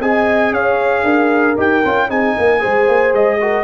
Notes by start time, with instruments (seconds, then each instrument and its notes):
0.00 tuba C4, trombone G#4, horn D#5, trumpet G#5
0.51 tuba C#4, horn C#5, trumpet F5
1.03 tuba D4, horn A#4
1.56 tuba D#4, trombone G4, trumpet G5
1.85 tuba C#4, trombone F4
2.08 tuba C4, trombone D#4, horn G#4, trumpet G#5
2.36 tuba A#3, horn A#4
2.59 tuba G#3, trombone G#4, horn C5
2.87 tuba A#3
3.13 tuba G#3, trumpet D#5
3.40 trombone F#4, horn A#4